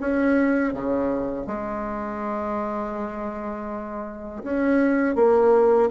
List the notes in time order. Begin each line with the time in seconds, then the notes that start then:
0.00 C#4
0.73 C#3
1.47 G#3
4.43 C#4
5.15 A#3